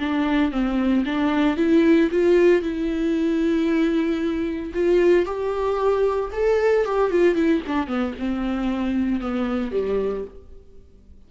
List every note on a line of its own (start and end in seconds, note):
0.00 0.52 D4
0.52 1.05 C4
1.06 1.57 D4
1.57 2.10 E4
2.12 2.62 F4
2.62 4.73 E4
4.74 5.26 F4
5.26 6.31 G4
6.33 6.85 A4
6.86 7.11 G4
7.11 7.35 F4
7.35 7.62 E4
7.67 7.88 D4
7.88 8.14 B3
8.19 9.21 C4
9.21 9.72 B3
9.72 10.25 G3